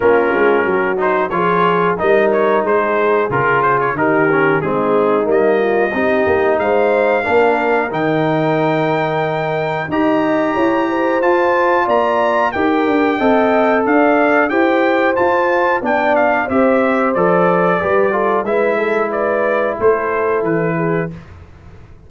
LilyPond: <<
  \new Staff \with { instrumentName = "trumpet" } { \time 4/4 \tempo 4 = 91 ais'4. c''8 cis''4 dis''8 cis''8 | c''4 ais'8 c''16 cis''16 ais'4 gis'4 | dis''2 f''2 | g''2. ais''4~ |
ais''4 a''4 ais''4 g''4~ | g''4 f''4 g''4 a''4 | g''8 f''8 e''4 d''2 | e''4 d''4 c''4 b'4 | }
  \new Staff \with { instrumentName = "horn" } { \time 4/4 f'4 fis'4 gis'4 ais'4 | gis'2 g'4 dis'4~ | dis'8 f'8 g'4 c''4 ais'4~ | ais'2. dis''4 |
cis''8 c''4. d''4 ais'4 | dis''4 d''4 c''2 | d''4 c''2 b'8 a'8 | b'8 a'8 b'4 a'4. gis'8 | }
  \new Staff \with { instrumentName = "trombone" } { \time 4/4 cis'4. dis'8 f'4 dis'4~ | dis'4 f'4 dis'8 cis'8 c'4 | ais4 dis'2 d'4 | dis'2. g'4~ |
g'4 f'2 g'4 | a'2 g'4 f'4 | d'4 g'4 a'4 g'8 f'8 | e'1 | }
  \new Staff \with { instrumentName = "tuba" } { \time 4/4 ais8 gis8 fis4 f4 g4 | gis4 cis4 dis4 gis4 | g4 c'8 ais8 gis4 ais4 | dis2. dis'4 |
e'4 f'4 ais4 dis'8 d'8 | c'4 d'4 e'4 f'4 | b4 c'4 f4 g4 | gis2 a4 e4 | }
>>